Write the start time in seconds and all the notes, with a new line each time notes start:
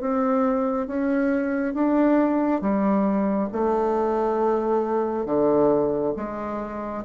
0.00 C4
0.87 C#4
1.74 D4
2.61 G3
3.52 A3
5.25 D3
6.16 G#3